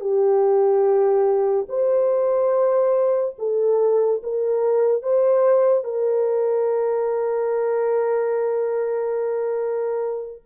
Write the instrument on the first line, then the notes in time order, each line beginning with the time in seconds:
horn
0.00 G4
1.69 C5
3.38 A4
4.23 A#4
5.02 C5
5.84 A#4